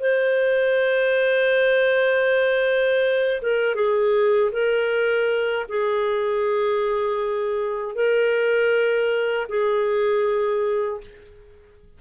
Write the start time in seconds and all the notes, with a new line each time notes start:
0.00 C5
3.42 A#4
3.76 G#4
4.53 A#4
5.69 G#4
7.95 A#4
9.49 G#4